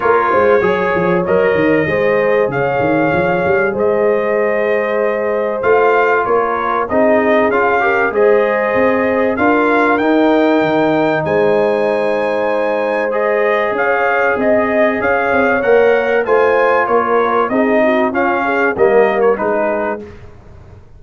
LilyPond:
<<
  \new Staff \with { instrumentName = "trumpet" } { \time 4/4 \tempo 4 = 96 cis''2 dis''2 | f''2 dis''2~ | dis''4 f''4 cis''4 dis''4 | f''4 dis''2 f''4 |
g''2 gis''2~ | gis''4 dis''4 f''4 dis''4 | f''4 fis''4 gis''4 cis''4 | dis''4 f''4 dis''8. cis''16 b'4 | }
  \new Staff \with { instrumentName = "horn" } { \time 4/4 ais'8 c''8 cis''2 c''4 | cis''2 c''2~ | c''2 ais'4 gis'4~ | gis'8 ais'8 c''2 ais'4~ |
ais'2 c''2~ | c''2 cis''4 dis''4 | cis''2 c''4 ais'4 | gis'8 fis'8 f'8 gis'8 ais'4 gis'4 | }
  \new Staff \with { instrumentName = "trombone" } { \time 4/4 f'4 gis'4 ais'4 gis'4~ | gis'1~ | gis'4 f'2 dis'4 | f'8 g'8 gis'2 f'4 |
dis'1~ | dis'4 gis'2.~ | gis'4 ais'4 f'2 | dis'4 cis'4 ais4 dis'4 | }
  \new Staff \with { instrumentName = "tuba" } { \time 4/4 ais8 gis8 fis8 f8 fis8 dis8 gis4 | cis8 dis8 f8 g8 gis2~ | gis4 a4 ais4 c'4 | cis'4 gis4 c'4 d'4 |
dis'4 dis4 gis2~ | gis2 cis'4 c'4 | cis'8 c'8 ais4 a4 ais4 | c'4 cis'4 g4 gis4 | }
>>